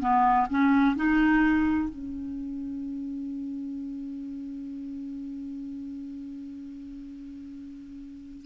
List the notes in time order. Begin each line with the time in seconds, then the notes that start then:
0.00 B3
0.49 C#4
0.95 D#4
1.89 C#4